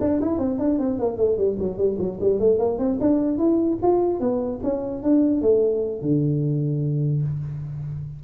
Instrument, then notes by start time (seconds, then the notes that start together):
tuba
0.00 D4
0.21 E4
0.38 C4
0.59 D4
0.79 C4
0.99 A#3
1.17 A3
1.38 G3
1.59 F#3
1.77 G3
1.99 F#3
2.20 G3
2.40 A3
2.59 A#3
2.78 C4
3.00 D4
3.38 E4
3.82 F4
4.20 B3
4.63 C#4
5.03 D4
5.41 A3
6.01 D3